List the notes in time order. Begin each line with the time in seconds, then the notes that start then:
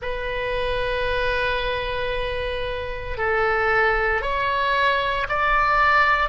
0.02 B4
3.17 A4
4.21 C#5
5.29 D5